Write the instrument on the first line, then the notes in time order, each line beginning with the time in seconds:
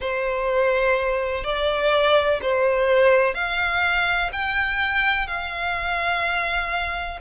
violin
0.00 C5
1.44 D5
2.42 C5
3.34 F5
4.32 G5
5.27 F5